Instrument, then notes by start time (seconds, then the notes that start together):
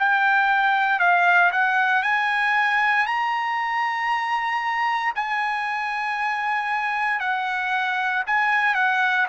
trumpet
0.00 G5
1.00 F5
1.52 F#5
2.03 G#5
3.07 A#5
5.16 G#5
7.20 F#5
8.27 G#5
8.75 F#5